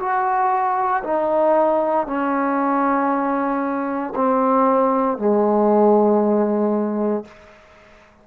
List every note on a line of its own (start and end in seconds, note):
0.00 1.03 F#4
1.04 2.07 D#4
2.07 4.14 C#4
4.16 5.18 C4
5.18 7.25 G#3